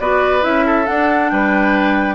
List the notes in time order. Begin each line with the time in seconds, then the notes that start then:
0.00 B3 F#4 B4 D5
0.41 C#4 E4 E5
0.66 A4
0.86 D4 F#5
1.29 G3 B4 G5